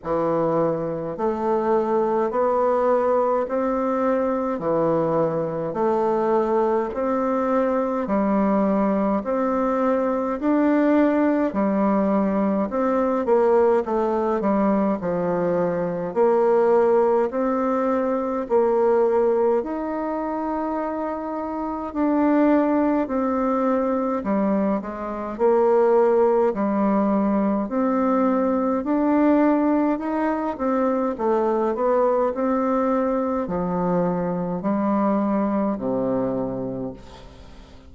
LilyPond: \new Staff \with { instrumentName = "bassoon" } { \time 4/4 \tempo 4 = 52 e4 a4 b4 c'4 | e4 a4 c'4 g4 | c'4 d'4 g4 c'8 ais8 | a8 g8 f4 ais4 c'4 |
ais4 dis'2 d'4 | c'4 g8 gis8 ais4 g4 | c'4 d'4 dis'8 c'8 a8 b8 | c'4 f4 g4 c4 | }